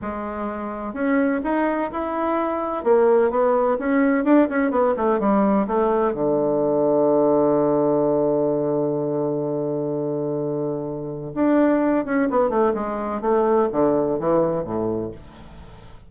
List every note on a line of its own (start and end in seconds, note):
0.01 0.93 G#3
0.93 1.40 C#4
1.43 1.90 D#4
1.91 2.83 E4
2.83 3.30 A#3
3.30 3.77 B3
3.78 4.24 C#4
4.24 4.48 D4
4.49 4.70 C#4
4.70 4.94 B3
4.96 5.19 A3
5.19 5.66 G3
5.67 6.13 A3
6.13 11.33 D3
11.34 12.05 D4
12.05 12.28 C#4
12.30 12.49 B3
12.49 12.73 A3
12.74 13.21 G#3
13.21 13.68 A3
13.71 14.19 D3
14.19 14.63 E3
14.63 15.11 A2